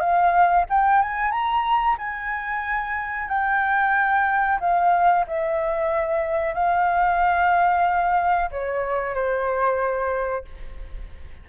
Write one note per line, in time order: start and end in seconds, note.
0.00 0.65 F5
0.69 1.02 G5
1.02 1.31 G#5
1.31 1.96 A#5
1.98 3.28 G#5
3.28 4.59 G5
4.60 5.25 F5
5.27 6.54 E5
6.54 8.50 F5
8.51 9.14 C#5
9.14 10.45 C5